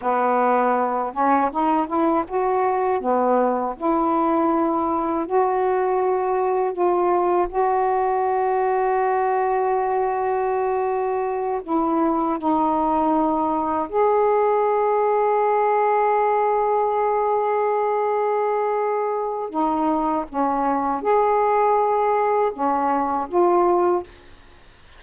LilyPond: \new Staff \with { instrumentName = "saxophone" } { \time 4/4 \tempo 4 = 80 b4. cis'8 dis'8 e'8 fis'4 | b4 e'2 fis'4~ | fis'4 f'4 fis'2~ | fis'2.~ fis'8 e'8~ |
e'8 dis'2 gis'4.~ | gis'1~ | gis'2 dis'4 cis'4 | gis'2 cis'4 f'4 | }